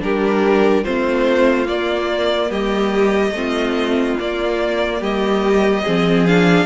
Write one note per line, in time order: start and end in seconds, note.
0.00 0.84 G3
0.00 0.83 D4
0.00 0.83 G4
0.00 0.84 A#4
0.83 1.67 A3
0.83 1.66 C4
0.83 2.49 F4
0.83 1.67 C5
1.66 3.32 A#3
1.66 2.50 A#3
1.66 2.51 D5
2.49 3.31 G3
2.49 3.33 G4
2.49 4.18 D#5
3.31 4.14 A3
3.31 4.18 C4
3.31 5.00 F4
4.18 5.84 A#3
4.18 5.01 A#3
4.18 5.03 D5
5.00 5.84 G3
5.00 5.83 G4
5.00 6.26 D#5
5.83 6.66 F3
5.83 6.27 C4
5.83 6.66 G#4
6.26 6.66 D4
6.26 6.66 F5